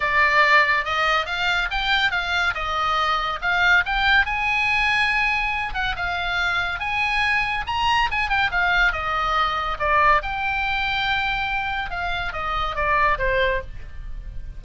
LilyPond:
\new Staff \with { instrumentName = "oboe" } { \time 4/4 \tempo 4 = 141 d''2 dis''4 f''4 | g''4 f''4 dis''2 | f''4 g''4 gis''2~ | gis''4. fis''8 f''2 |
gis''2 ais''4 gis''8 g''8 | f''4 dis''2 d''4 | g''1 | f''4 dis''4 d''4 c''4 | }